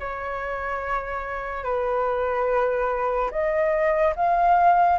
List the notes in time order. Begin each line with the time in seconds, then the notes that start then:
0.00 C#5
1.64 B4
3.31 D#5
4.16 F5